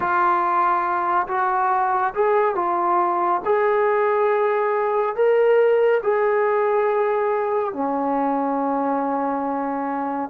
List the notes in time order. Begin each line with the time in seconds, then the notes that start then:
0.00 F4
1.27 F#4
2.14 G#4
2.55 F4
3.44 G#4
5.15 A#4
6.02 G#4
7.73 C#4